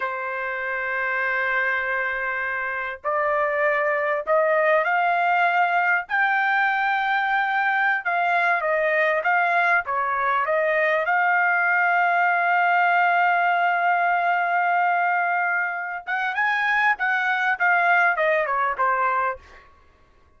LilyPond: \new Staff \with { instrumentName = "trumpet" } { \time 4/4 \tempo 4 = 99 c''1~ | c''4 d''2 dis''4 | f''2 g''2~ | g''4~ g''16 f''4 dis''4 f''8.~ |
f''16 cis''4 dis''4 f''4.~ f''16~ | f''1~ | f''2~ f''8 fis''8 gis''4 | fis''4 f''4 dis''8 cis''8 c''4 | }